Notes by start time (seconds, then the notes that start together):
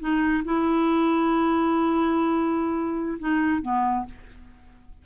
0.00 D#4
0.45 E4
3.19 D#4
3.62 B3